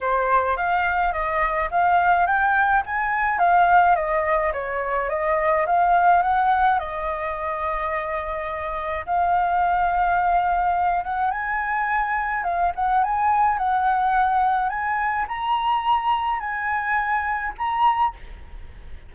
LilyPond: \new Staff \with { instrumentName = "flute" } { \time 4/4 \tempo 4 = 106 c''4 f''4 dis''4 f''4 | g''4 gis''4 f''4 dis''4 | cis''4 dis''4 f''4 fis''4 | dis''1 |
f''2.~ f''8 fis''8 | gis''2 f''8 fis''8 gis''4 | fis''2 gis''4 ais''4~ | ais''4 gis''2 ais''4 | }